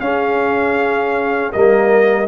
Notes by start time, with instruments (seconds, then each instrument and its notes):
0.00 tuba C#4, trombone C#4, horn G#4, trumpet F5
1.52 tuba G3, trombone A#3, horn A#4, trumpet D#5